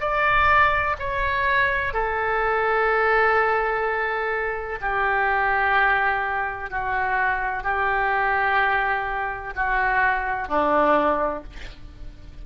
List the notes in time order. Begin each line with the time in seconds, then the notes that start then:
0.00 D5
0.99 C#5
1.93 A4
4.81 G4
6.70 F#4
7.63 G4
9.55 F#4
10.48 D4